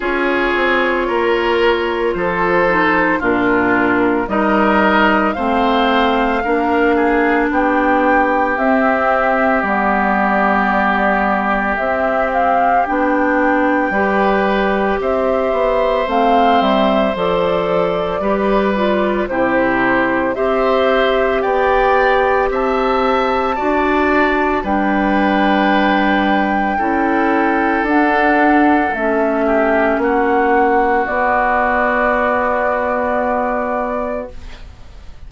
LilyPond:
<<
  \new Staff \with { instrumentName = "flute" } { \time 4/4 \tempo 4 = 56 cis''2 c''4 ais'4 | dis''4 f''2 g''4 | e''4 d''2 e''8 f''8 | g''2 e''4 f''8 e''8 |
d''2 c''4 e''4 | g''4 a''2 g''4~ | g''2 fis''4 e''4 | fis''4 d''2. | }
  \new Staff \with { instrumentName = "oboe" } { \time 4/4 gis'4 ais'4 a'4 f'4 | ais'4 c''4 ais'8 gis'8 g'4~ | g'1~ | g'4 b'4 c''2~ |
c''4 b'4 g'4 c''4 | d''4 e''4 d''4 b'4~ | b'4 a'2~ a'8 g'8 | fis'1 | }
  \new Staff \with { instrumentName = "clarinet" } { \time 4/4 f'2~ f'8 dis'8 d'4 | dis'4 c'4 d'2 | c'4 b2 c'4 | d'4 g'2 c'4 |
a'4 g'8 f'8 e'4 g'4~ | g'2 fis'4 d'4~ | d'4 e'4 d'4 cis'4~ | cis'4 b2. | }
  \new Staff \with { instrumentName = "bassoon" } { \time 4/4 cis'8 c'8 ais4 f4 ais,4 | g4 a4 ais4 b4 | c'4 g2 c'4 | b4 g4 c'8 b8 a8 g8 |
f4 g4 c4 c'4 | b4 c'4 d'4 g4~ | g4 cis'4 d'4 a4 | ais4 b2. | }
>>